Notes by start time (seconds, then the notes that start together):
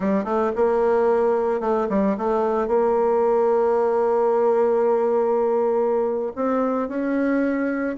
0.00 G3
0.24 A3
0.55 A#3
1.60 A3
1.89 G3
2.17 A3
2.67 A#3
6.35 C4
6.88 C#4